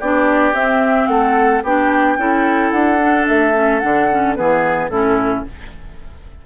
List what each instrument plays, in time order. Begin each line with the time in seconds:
0.00 bassoon B3, clarinet D4, oboe G4, flute D5
0.53 bassoon C4, clarinet C4, flute E5
1.07 bassoon A3, oboe A4, flute F#5
1.64 bassoon B3, clarinet D4, oboe G4, flute G5
2.18 bassoon C#4, clarinet E4, oboe A4
2.71 bassoon D4, flute F#5
3.00 clarinet D4
3.27 bassoon A3, flute E5
3.54 clarinet C#4
3.80 bassoon D3, clarinet D4, flute F#5
4.11 clarinet C#4
4.36 bassoon E3, clarinet B3, oboe G#4, flute B4
4.89 bassoon A2, clarinet C#4, oboe E4, flute A4